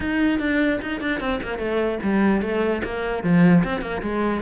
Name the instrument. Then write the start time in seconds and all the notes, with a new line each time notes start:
cello
0.00 D#4
0.39 D4
0.81 D#4
1.00 D4
1.20 C4
1.42 A#3
1.58 A3
2.02 G3
2.41 A3
2.84 A#3
3.23 F3
3.64 C4
3.81 A#3
4.02 G#3